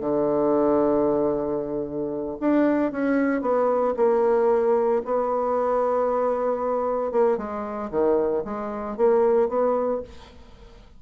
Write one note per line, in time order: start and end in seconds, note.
0.00 2.37 D3
2.40 2.92 D4
2.92 3.41 C#4
3.41 3.94 B3
3.96 5.02 A#3
5.05 7.11 B3
7.11 7.37 A#3
7.37 7.90 G#3
7.91 8.43 D#3
8.44 8.97 G#3
8.97 9.49 A#3
9.49 10.01 B3